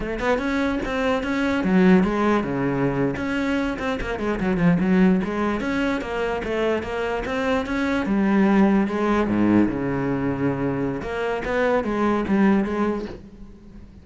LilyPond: \new Staff \with { instrumentName = "cello" } { \time 4/4 \tempo 4 = 147 a8 b8 cis'4 c'4 cis'4 | fis4 gis4 cis4.~ cis16 cis'16~ | cis'4~ cis'16 c'8 ais8 gis8 fis8 f8 fis16~ | fis8. gis4 cis'4 ais4 a16~ |
a8. ais4 c'4 cis'4 g16~ | g4.~ g16 gis4 gis,4 cis16~ | cis2. ais4 | b4 gis4 g4 gis4 | }